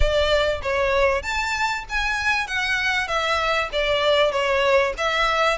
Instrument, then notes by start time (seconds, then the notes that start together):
violin
0.00 D5
0.62 C#5
1.22 A5
1.89 G#5
2.47 F#5
3.07 E5
3.72 D5
4.31 C#5
4.97 E5